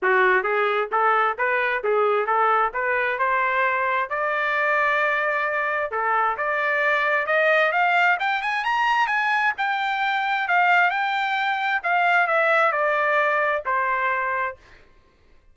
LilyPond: \new Staff \with { instrumentName = "trumpet" } { \time 4/4 \tempo 4 = 132 fis'4 gis'4 a'4 b'4 | gis'4 a'4 b'4 c''4~ | c''4 d''2.~ | d''4 a'4 d''2 |
dis''4 f''4 g''8 gis''8 ais''4 | gis''4 g''2 f''4 | g''2 f''4 e''4 | d''2 c''2 | }